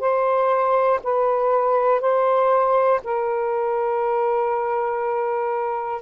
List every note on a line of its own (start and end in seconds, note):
0.00 1.00 C5
1.04 2.00 B4
2.00 3.00 C5
3.04 6.02 A#4